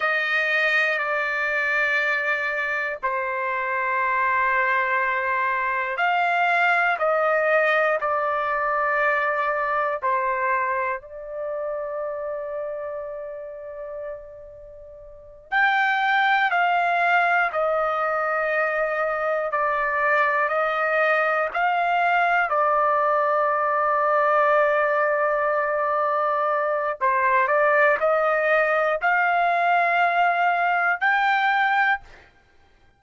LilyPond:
\new Staff \with { instrumentName = "trumpet" } { \time 4/4 \tempo 4 = 60 dis''4 d''2 c''4~ | c''2 f''4 dis''4 | d''2 c''4 d''4~ | d''2.~ d''8 g''8~ |
g''8 f''4 dis''2 d''8~ | d''8 dis''4 f''4 d''4.~ | d''2. c''8 d''8 | dis''4 f''2 g''4 | }